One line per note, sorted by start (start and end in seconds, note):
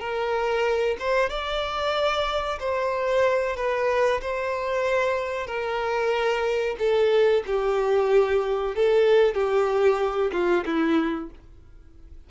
0.00 0.97 A#4
0.99 1.29 C5
1.29 2.58 D5
2.60 3.56 C5
3.56 4.21 B4
4.21 5.47 C5
5.47 6.76 A#4
6.79 7.43 A4
7.46 8.75 G4
8.75 9.34 A4
9.34 10.31 G4
10.32 10.64 F4
10.65 11.30 E4